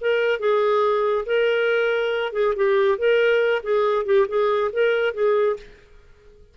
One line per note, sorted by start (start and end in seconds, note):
0.00 0.39 A#4
0.39 1.25 G#4
1.25 2.32 A#4
2.32 2.54 G#4
2.55 2.98 G4
2.98 3.62 A#4
3.63 4.05 G#4
4.05 4.26 G4
4.28 4.71 G#4
4.72 5.13 A#4
5.13 5.56 G#4